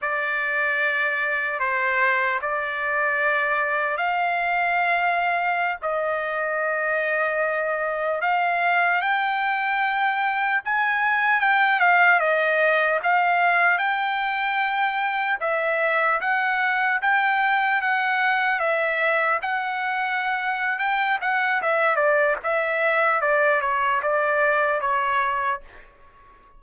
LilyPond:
\new Staff \with { instrumentName = "trumpet" } { \time 4/4 \tempo 4 = 75 d''2 c''4 d''4~ | d''4 f''2~ f''16 dis''8.~ | dis''2~ dis''16 f''4 g''8.~ | g''4~ g''16 gis''4 g''8 f''8 dis''8.~ |
dis''16 f''4 g''2 e''8.~ | e''16 fis''4 g''4 fis''4 e''8.~ | e''16 fis''4.~ fis''16 g''8 fis''8 e''8 d''8 | e''4 d''8 cis''8 d''4 cis''4 | }